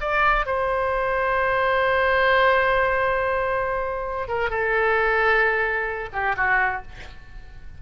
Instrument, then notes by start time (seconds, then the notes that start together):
oboe
0.00 D5
0.46 C5
4.28 A#4
4.50 A4
6.13 G4
6.36 F#4